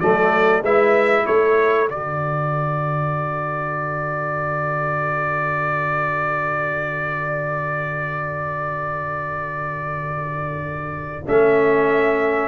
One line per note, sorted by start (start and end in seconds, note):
0.00 0.62 F#3
0.00 0.64 A3
0.00 0.64 A4
0.00 0.62 D5
0.62 1.25 G#3
0.62 1.88 E4
0.62 1.26 B4
0.62 1.26 E5
1.26 1.89 A3
1.26 12.48 A4
1.26 1.89 C#5
1.88 11.26 D3
1.88 11.26 F#4
1.88 11.28 D5
11.27 12.48 A3
11.27 12.48 C#4
11.27 12.48 E5